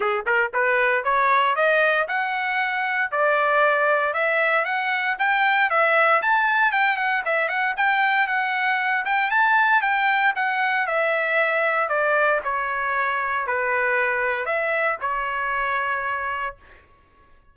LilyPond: \new Staff \with { instrumentName = "trumpet" } { \time 4/4 \tempo 4 = 116 gis'8 ais'8 b'4 cis''4 dis''4 | fis''2 d''2 | e''4 fis''4 g''4 e''4 | a''4 g''8 fis''8 e''8 fis''8 g''4 |
fis''4. g''8 a''4 g''4 | fis''4 e''2 d''4 | cis''2 b'2 | e''4 cis''2. | }